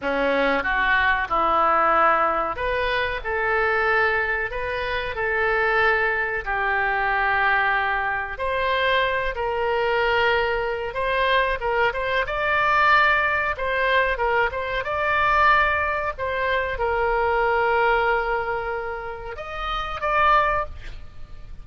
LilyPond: \new Staff \with { instrumentName = "oboe" } { \time 4/4 \tempo 4 = 93 cis'4 fis'4 e'2 | b'4 a'2 b'4 | a'2 g'2~ | g'4 c''4. ais'4.~ |
ais'4 c''4 ais'8 c''8 d''4~ | d''4 c''4 ais'8 c''8 d''4~ | d''4 c''4 ais'2~ | ais'2 dis''4 d''4 | }